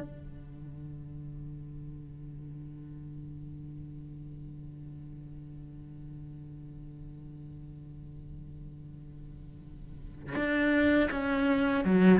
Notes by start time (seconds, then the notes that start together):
0.00 D3
10.35 D4
11.10 C#4
11.84 F#3